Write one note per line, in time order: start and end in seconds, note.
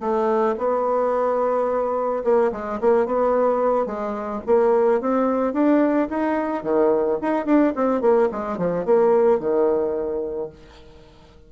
0.00 0.55 A3
0.58 2.23 B3
2.24 2.51 A#3
2.52 2.79 G#3
2.81 3.06 A#3
3.06 3.86 B3
3.86 4.41 G#3
4.46 5.01 A#3
5.01 5.53 C4
5.53 6.08 D4
6.09 6.63 D#4
6.63 7.18 D#3
7.22 7.45 D#4
7.45 7.73 D4
7.76 8.01 C4
8.01 8.29 A#3
8.31 8.57 G#3
8.57 8.85 F3
8.85 9.40 A#3
9.40 10.50 D#3